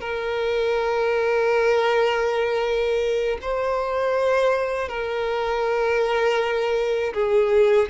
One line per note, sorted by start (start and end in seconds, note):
0.00 3.38 A#4
3.42 4.88 C5
4.88 7.13 A#4
7.13 7.88 G#4